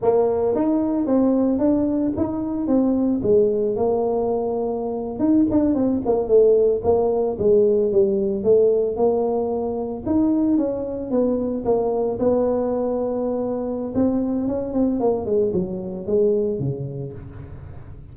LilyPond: \new Staff \with { instrumentName = "tuba" } { \time 4/4 \tempo 4 = 112 ais4 dis'4 c'4 d'4 | dis'4 c'4 gis4 ais4~ | ais4.~ ais16 dis'8 d'8 c'8 ais8 a16~ | a8. ais4 gis4 g4 a16~ |
a8. ais2 dis'4 cis'16~ | cis'8. b4 ais4 b4~ b16~ | b2 c'4 cis'8 c'8 | ais8 gis8 fis4 gis4 cis4 | }